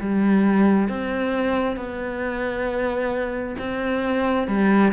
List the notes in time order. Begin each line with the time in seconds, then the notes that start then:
0.00 G3
0.89 C4
1.76 B3
3.59 C4
4.48 G3